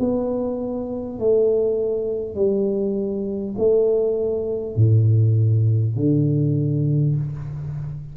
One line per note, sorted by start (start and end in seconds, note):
0.00 1.19 B3
1.19 2.35 A3
2.35 3.55 G3
3.58 4.76 A3
4.76 5.96 A2
5.96 7.16 D3